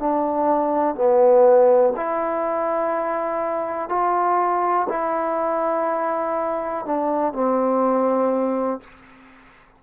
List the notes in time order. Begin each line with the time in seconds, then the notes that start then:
0.00 D4
0.96 B3
1.97 E4
3.89 F4
4.90 E4
6.86 D4
7.34 C4